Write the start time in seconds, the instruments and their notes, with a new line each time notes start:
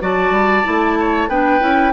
0.00 bassoon F#3, clarinet F#4, oboe D5, flute A5
0.30 bassoon G3
0.63 bassoon A3, clarinet E4
0.99 oboe C#5
1.28 bassoon B3, clarinet D4, oboe B4, flute G5
1.60 bassoon C#4, clarinet E4